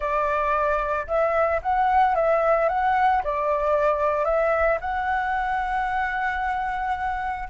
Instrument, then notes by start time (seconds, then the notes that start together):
flute
0.00 D5
1.07 E5
1.62 F#5
2.15 E5
2.69 F#5
3.23 D5
4.24 E5
4.80 F#5